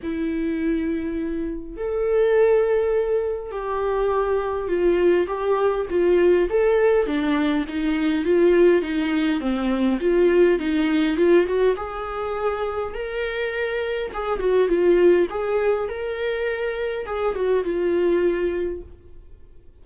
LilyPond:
\new Staff \with { instrumentName = "viola" } { \time 4/4 \tempo 4 = 102 e'2. a'4~ | a'2 g'2 | f'4 g'4 f'4 a'4 | d'4 dis'4 f'4 dis'4 |
c'4 f'4 dis'4 f'8 fis'8 | gis'2 ais'2 | gis'8 fis'8 f'4 gis'4 ais'4~ | ais'4 gis'8 fis'8 f'2 | }